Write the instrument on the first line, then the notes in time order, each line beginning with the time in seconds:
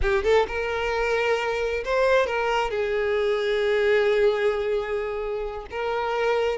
violin
0.01 G4
0.23 A4
0.47 A#4
1.84 C5
2.26 A#4
2.70 G#4
5.70 A#4